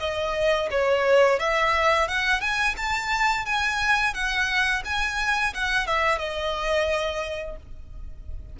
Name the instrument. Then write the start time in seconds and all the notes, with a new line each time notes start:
violin
0.00 D#5
0.71 C#5
1.39 E5
2.08 F#5
2.41 G#5
2.77 A5
3.46 G#5
4.14 F#5
4.85 G#5
5.54 F#5
5.87 E5
6.19 D#5